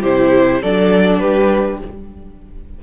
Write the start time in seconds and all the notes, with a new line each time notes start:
0.00 C3 E4 G4 C5
0.61 F#3 D4 A4 D5
1.19 G3 G4 B4